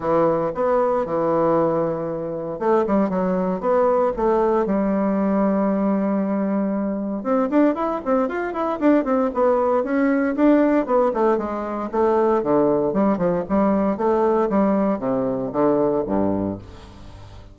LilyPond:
\new Staff \with { instrumentName = "bassoon" } { \time 4/4 \tempo 4 = 116 e4 b4 e2~ | e4 a8 g8 fis4 b4 | a4 g2.~ | g2 c'8 d'8 e'8 c'8 |
f'8 e'8 d'8 c'8 b4 cis'4 | d'4 b8 a8 gis4 a4 | d4 g8 f8 g4 a4 | g4 c4 d4 g,4 | }